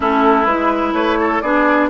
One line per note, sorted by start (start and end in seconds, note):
0.00 0.46 A3
0.00 0.47 C#4
0.00 0.93 E4
0.00 0.45 A4
0.45 0.93 G#3
0.45 1.43 E4
0.45 0.93 B4
0.93 1.40 A3
0.93 1.18 B4
0.93 1.40 C#5
1.19 1.42 A4
1.40 1.89 B3
1.40 1.89 D4
1.40 1.89 G#4
1.40 1.88 D5